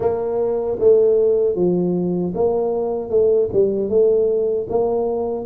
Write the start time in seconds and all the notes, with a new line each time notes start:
0.00 A#3
0.79 A3
1.55 F3
2.34 A#3
3.10 A3
3.53 G3
3.89 A3
4.69 A#3